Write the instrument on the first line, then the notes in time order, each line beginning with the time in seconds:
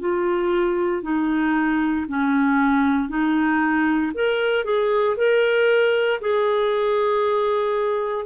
clarinet
0.00 F4
1.03 D#4
2.08 C#4
3.08 D#4
4.14 A#4
4.65 G#4
5.17 A#4
6.21 G#4